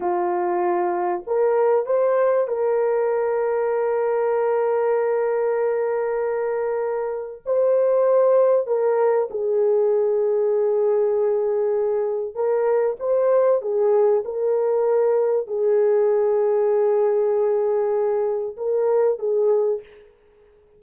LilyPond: \new Staff \with { instrumentName = "horn" } { \time 4/4 \tempo 4 = 97 f'2 ais'4 c''4 | ais'1~ | ais'1 | c''2 ais'4 gis'4~ |
gis'1 | ais'4 c''4 gis'4 ais'4~ | ais'4 gis'2.~ | gis'2 ais'4 gis'4 | }